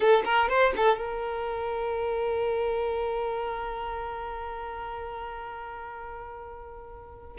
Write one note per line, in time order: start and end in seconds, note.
0.00 0.23 A4
0.25 0.48 A#4
0.48 0.73 C5
0.76 0.97 A4
0.97 7.37 A#4